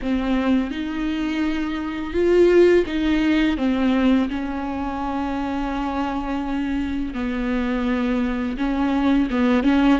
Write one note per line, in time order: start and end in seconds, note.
0.02 0.70 C4
0.70 2.13 D#4
2.13 2.84 F4
2.86 3.57 D#4
3.57 4.28 C4
4.29 7.14 C#4
7.14 8.56 B3
8.57 9.28 C#4
9.30 9.63 B3
9.63 9.99 C#4